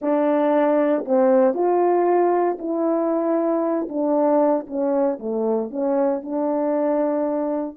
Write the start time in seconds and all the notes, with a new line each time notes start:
0.01 D4
1.05 C4
1.54 F4
2.59 E4
3.88 D4
4.66 C#4
5.19 A3
5.70 C#4
6.22 D4